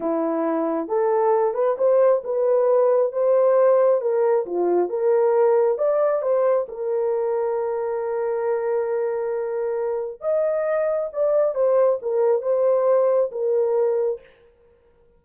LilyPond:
\new Staff \with { instrumentName = "horn" } { \time 4/4 \tempo 4 = 135 e'2 a'4. b'8 | c''4 b'2 c''4~ | c''4 ais'4 f'4 ais'4~ | ais'4 d''4 c''4 ais'4~ |
ais'1~ | ais'2. dis''4~ | dis''4 d''4 c''4 ais'4 | c''2 ais'2 | }